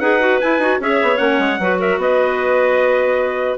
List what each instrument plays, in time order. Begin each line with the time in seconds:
0.00 bassoon D#4, clarinet G#4 B4, trumpet F#5
0.20 clarinet F#4
0.40 clarinet E4, bassoon E4, trumpet G#5
0.59 bassoon D#4, clarinet F#4
0.80 bassoon C#4, clarinet G#4 C#5, trumpet E5
1.03 bassoon B3
1.17 bassoon A#3, clarinet C#4, trumpet F#5
1.39 bassoon G#3
1.59 bassoon F#3, clarinet F#4 B4
1.80 clarinet A#4, trumpet E5
1.98 bassoon B3, clarinet B4, trumpet D#5